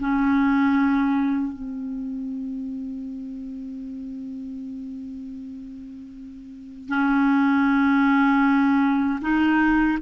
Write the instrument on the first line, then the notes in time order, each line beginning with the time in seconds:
clarinet
0.00 C#4
1.53 C4
6.89 C#4
9.22 D#4